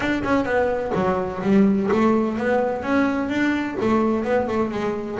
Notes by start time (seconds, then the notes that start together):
0.00 D4
0.23 C#4
0.44 B3
0.94 F#3
1.42 G3
1.91 A3
2.37 B3
2.82 C#4
3.29 D4
3.80 A3
4.24 B3
4.47 A3
4.71 G#3